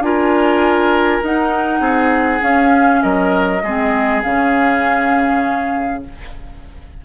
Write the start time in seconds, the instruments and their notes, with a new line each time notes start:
0.00 bassoon D4, clarinet F4, oboe A#4, flute G#5
1.23 bassoon D#4, clarinet D#4, flute F#5
1.80 bassoon C4, oboe G#4
2.41 clarinet C#4, bassoon C#4, flute F5
3.02 bassoon F#3, oboe A#4, flute D#5
3.63 bassoon G#3, clarinet C4, oboe G#4
4.22 bassoon C#3, clarinet C#4, flute F5